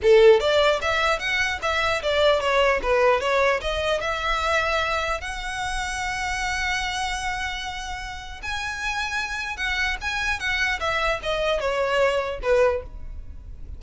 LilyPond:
\new Staff \with { instrumentName = "violin" } { \time 4/4 \tempo 4 = 150 a'4 d''4 e''4 fis''4 | e''4 d''4 cis''4 b'4 | cis''4 dis''4 e''2~ | e''4 fis''2.~ |
fis''1~ | fis''4 gis''2. | fis''4 gis''4 fis''4 e''4 | dis''4 cis''2 b'4 | }